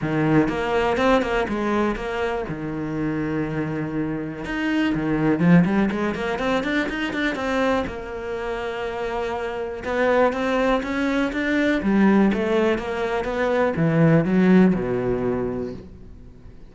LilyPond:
\new Staff \with { instrumentName = "cello" } { \time 4/4 \tempo 4 = 122 dis4 ais4 c'8 ais8 gis4 | ais4 dis2.~ | dis4 dis'4 dis4 f8 g8 | gis8 ais8 c'8 d'8 dis'8 d'8 c'4 |
ais1 | b4 c'4 cis'4 d'4 | g4 a4 ais4 b4 | e4 fis4 b,2 | }